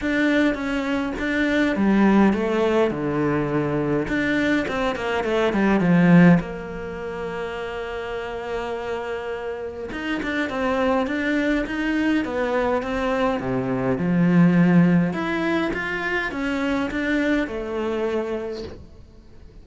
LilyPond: \new Staff \with { instrumentName = "cello" } { \time 4/4 \tempo 4 = 103 d'4 cis'4 d'4 g4 | a4 d2 d'4 | c'8 ais8 a8 g8 f4 ais4~ | ais1~ |
ais4 dis'8 d'8 c'4 d'4 | dis'4 b4 c'4 c4 | f2 e'4 f'4 | cis'4 d'4 a2 | }